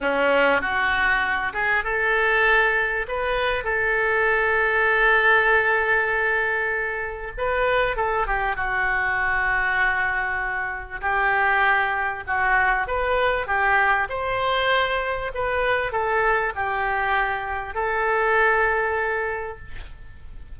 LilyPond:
\new Staff \with { instrumentName = "oboe" } { \time 4/4 \tempo 4 = 98 cis'4 fis'4. gis'8 a'4~ | a'4 b'4 a'2~ | a'1 | b'4 a'8 g'8 fis'2~ |
fis'2 g'2 | fis'4 b'4 g'4 c''4~ | c''4 b'4 a'4 g'4~ | g'4 a'2. | }